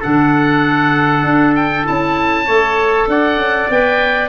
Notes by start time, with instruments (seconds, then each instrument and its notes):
0.00 tuba D3, clarinet D4, trumpet A4, oboe F#5
1.23 tuba D4
1.55 oboe G5
1.83 tuba C#4, clarinet E4, oboe A5
2.46 tuba A3, clarinet A4, trumpet C#5
3.07 tuba D4, trumpet D5, oboe F#5
3.36 tuba C#4
3.70 tuba B3, clarinet B4, oboe G5